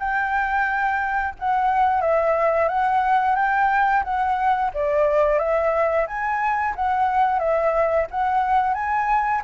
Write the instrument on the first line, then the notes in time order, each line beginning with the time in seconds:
flute
0.00 G5
1.40 F#5
2.02 E5
2.68 F#5
3.36 G5
4.04 F#5
4.74 D5
5.39 E5
6.07 G#5
6.76 F#5
7.39 E5
8.11 F#5
8.75 G#5